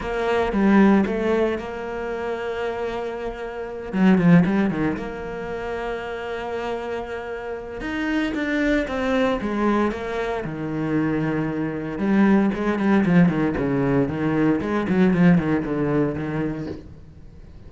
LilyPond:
\new Staff \with { instrumentName = "cello" } { \time 4/4 \tempo 4 = 115 ais4 g4 a4 ais4~ | ais2.~ ais8 fis8 | f8 g8 dis8 ais2~ ais8~ | ais2. dis'4 |
d'4 c'4 gis4 ais4 | dis2. g4 | gis8 g8 f8 dis8 cis4 dis4 | gis8 fis8 f8 dis8 d4 dis4 | }